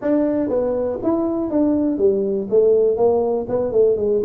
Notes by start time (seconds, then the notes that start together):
0.01 D4
0.49 B3
1.03 E4
1.50 D4
1.97 G3
2.50 A3
2.97 A#3
3.48 B3
3.71 A3
3.96 G#3